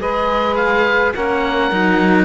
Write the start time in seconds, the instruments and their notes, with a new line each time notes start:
0.00 cello G#3 G#4, saxophone B4, oboe D#5
0.55 oboe F5
1.14 cello A#3 C#4, saxophone A#4, oboe F#5
1.71 cello F#3 D#4